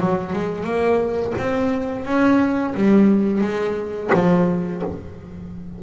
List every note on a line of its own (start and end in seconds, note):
0.00 0.33 F#3
0.33 0.64 G#3
0.64 1.33 A#3
1.38 2.05 C4
2.05 2.74 C#4
2.75 3.42 G3
3.42 4.11 G#3
4.14 4.83 F3